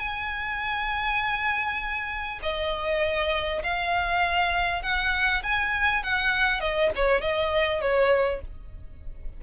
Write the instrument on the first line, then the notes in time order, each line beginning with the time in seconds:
violin
0.00 G#5
2.43 D#5
3.63 F5
4.83 F#5
5.44 G#5
6.04 F#5
6.61 D#5
6.96 C#5
7.21 D#5
7.81 C#5